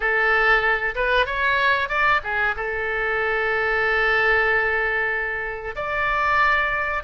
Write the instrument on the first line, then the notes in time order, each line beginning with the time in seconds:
oboe
0.00 A4
0.95 B4
1.26 C#5
1.88 D5
2.23 G#4
2.56 A4
5.75 D5